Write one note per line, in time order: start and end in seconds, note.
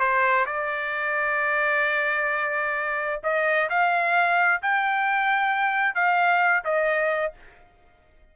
0.00 0.46 C5
0.46 3.21 D5
3.24 3.69 D#5
3.70 4.61 F5
4.62 5.95 G5
5.95 6.64 F5
6.64 7.33 D#5